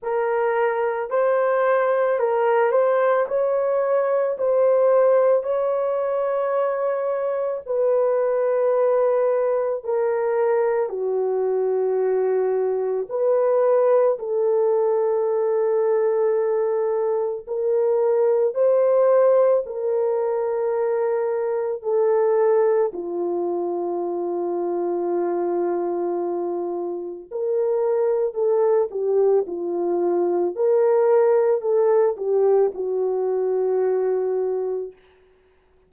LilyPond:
\new Staff \with { instrumentName = "horn" } { \time 4/4 \tempo 4 = 55 ais'4 c''4 ais'8 c''8 cis''4 | c''4 cis''2 b'4~ | b'4 ais'4 fis'2 | b'4 a'2. |
ais'4 c''4 ais'2 | a'4 f'2.~ | f'4 ais'4 a'8 g'8 f'4 | ais'4 a'8 g'8 fis'2 | }